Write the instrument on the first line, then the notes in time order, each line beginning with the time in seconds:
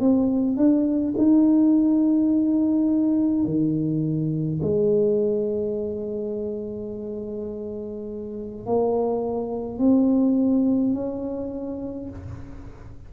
tuba
0.00 C4
0.57 D4
1.17 D#4
3.45 D#3
4.62 G#3
8.66 A#3
9.78 C4
10.94 C#4